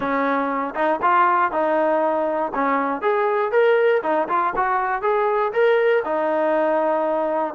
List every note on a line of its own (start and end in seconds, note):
0.00 0.74 C#4
0.74 0.99 D#4
1.02 1.51 F4
1.51 2.52 D#4
2.54 3.01 C#4
3.01 3.51 G#4
3.51 4.02 A#4
4.02 4.28 D#4
4.28 4.53 F4
4.56 5.02 F#4
5.02 5.52 G#4
5.52 6.03 A#4
6.04 7.54 D#4